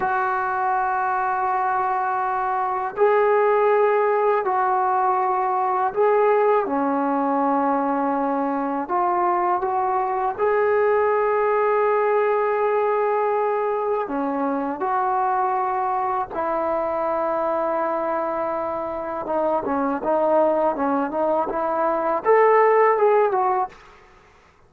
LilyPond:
\new Staff \with { instrumentName = "trombone" } { \time 4/4 \tempo 4 = 81 fis'1 | gis'2 fis'2 | gis'4 cis'2. | f'4 fis'4 gis'2~ |
gis'2. cis'4 | fis'2 e'2~ | e'2 dis'8 cis'8 dis'4 | cis'8 dis'8 e'4 a'4 gis'8 fis'8 | }